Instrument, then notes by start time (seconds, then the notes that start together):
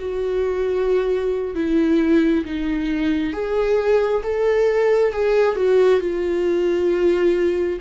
viola
0.00 F#4
1.55 E4
2.45 D#4
3.33 G#4
4.23 A4
5.13 G#4
5.56 F#4
6.01 F4